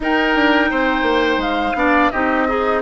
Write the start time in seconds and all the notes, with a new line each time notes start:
0.00 D#4 A#4 G5
0.35 D4
0.70 C4 C5
1.02 A#3
1.37 G#3 F5
1.74 B3 D4 D5
2.10 C4 D#4 G4 D#5
2.48 D#4 G#4